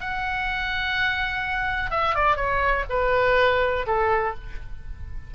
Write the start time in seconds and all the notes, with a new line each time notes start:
0.00 F#5
1.91 E5
2.15 D5
2.36 C#5
2.89 B4
3.86 A4